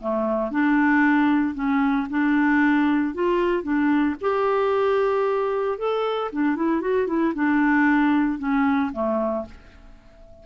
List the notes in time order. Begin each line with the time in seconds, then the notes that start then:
0.00 A3
0.50 D4
1.54 C#4
2.10 D4
3.14 F4
3.62 D4
4.21 G4
5.78 A4
6.32 D4
6.56 E4
6.81 F#4
7.07 E4
7.34 D4
8.38 C#4
8.92 A3